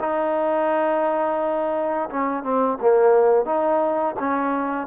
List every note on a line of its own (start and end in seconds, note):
0.00 2.09 D#4
2.10 2.43 C#4
2.43 2.78 C4
2.82 3.46 A#3
3.46 4.15 D#4
4.19 4.87 C#4